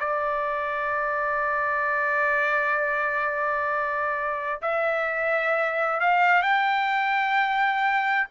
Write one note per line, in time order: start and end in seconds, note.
0.00 4.62 D5
4.62 6.00 E5
6.00 6.42 F5
6.42 8.27 G5